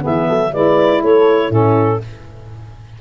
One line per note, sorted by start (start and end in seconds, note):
0.00 0.29 E3
0.00 0.49 B3
0.00 0.26 G#4
0.00 0.53 E5
0.28 0.52 F#3
0.28 0.52 A4
0.52 1.01 G#3
0.52 1.50 E4
0.52 1.02 B4
0.52 1.02 D5
1.02 1.49 A3
1.02 1.50 A4
1.02 1.52 C#5
1.49 1.98 A2
1.49 1.99 C#4
1.49 1.99 E4
1.49 2.00 A4